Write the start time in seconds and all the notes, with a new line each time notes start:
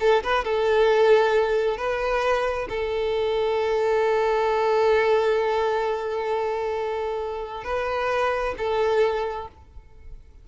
0.00 A4
0.23 B4
0.44 A4
1.77 B4
2.69 A4
7.64 B4
8.58 A4